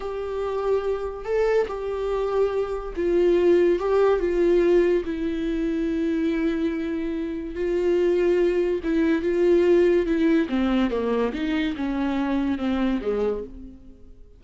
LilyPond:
\new Staff \with { instrumentName = "viola" } { \time 4/4 \tempo 4 = 143 g'2. a'4 | g'2. f'4~ | f'4 g'4 f'2 | e'1~ |
e'2 f'2~ | f'4 e'4 f'2 | e'4 c'4 ais4 dis'4 | cis'2 c'4 gis4 | }